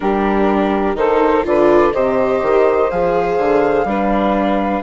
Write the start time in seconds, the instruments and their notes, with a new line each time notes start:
0.00 bassoon G3, viola D4, saxophone G4, flute A#4
0.94 bassoon D#3, viola D#4, saxophone A4, flute C5
1.44 bassoon D3, viola F4, saxophone B4, flute D5
1.93 bassoon C3, viola G4, saxophone C5, flute D#5
2.42 bassoon D#3
2.90 bassoon F3, viola G#4, flute F5
3.38 bassoon D3
3.84 bassoon G3, viola D4, saxophone B4